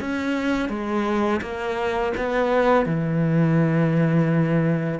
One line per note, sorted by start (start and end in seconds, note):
0.00 0.69 C#4
0.69 1.40 G#3
1.41 2.12 A#3
2.17 2.85 B3
2.85 5.00 E3